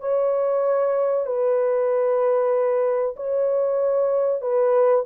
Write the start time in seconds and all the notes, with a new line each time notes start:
0.00 C#5
1.26 B4
3.16 C#5
4.41 B4